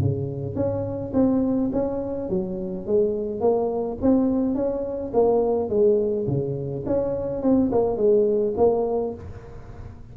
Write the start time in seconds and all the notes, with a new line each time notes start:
0.00 C#3
0.56 C#4
1.14 C4
1.73 C#4
2.30 F#3
2.87 G#3
3.41 A#3
4.02 C4
4.55 C#4
5.14 A#3
5.70 G#3
6.27 C#3
6.86 C#4
7.42 C4
7.72 A#3
7.97 G#3
8.57 A#3